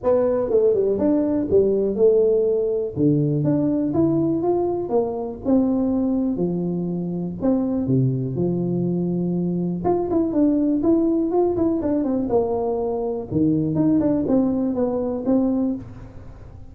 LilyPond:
\new Staff \with { instrumentName = "tuba" } { \time 4/4 \tempo 4 = 122 b4 a8 g8 d'4 g4 | a2 d4 d'4 | e'4 f'4 ais4 c'4~ | c'4 f2 c'4 |
c4 f2. | f'8 e'8 d'4 e'4 f'8 e'8 | d'8 c'8 ais2 dis4 | dis'8 d'8 c'4 b4 c'4 | }